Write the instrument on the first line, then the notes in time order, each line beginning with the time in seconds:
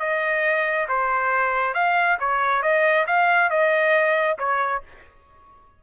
trumpet
0.00 D#5
0.89 C5
1.74 F5
2.20 C#5
2.63 D#5
3.07 F5
3.50 D#5
4.39 C#5